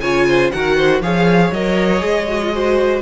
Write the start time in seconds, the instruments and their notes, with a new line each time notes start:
0.00 cello C#3, viola F4, violin C#5 G#5
0.27 violin C5
0.51 cello D#3, viola F#4, violin A#4 F#5
0.76 violin C5
1.00 cello F3, viola G#4, violin C#5 F5
1.51 cello F#3, viola A#4, violin D#5
1.98 cello G#3, viola G#4
2.28 viola F#4
2.42 viola F4
2.52 viola F#4, violin C5